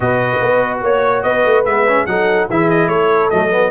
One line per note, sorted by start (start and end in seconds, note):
0.00 0.38 B2
0.00 1.65 F#4
0.00 0.82 B4
0.00 0.78 D#5
0.41 0.82 B3
0.82 1.24 A#3
0.82 1.23 C#5
0.82 1.22 C#5
1.22 1.44 B3
1.22 2.07 B4
1.22 1.64 D#5
1.44 1.64 A3
1.64 2.06 G#3
1.64 1.86 B3
1.64 2.06 E5
1.87 2.07 C#4
2.06 2.48 F#3
2.06 2.49 D#4
2.06 2.49 A4
2.06 2.47 F#5
2.50 2.87 E3
2.50 3.31 E4
2.50 2.90 G#4
2.50 2.69 E5
2.69 2.88 D#5
2.87 3.29 A3
2.87 3.70 A4
2.87 3.29 C#5
3.30 3.70 F#3
3.30 3.50 A3
3.30 3.70 D#5
3.50 3.70 B3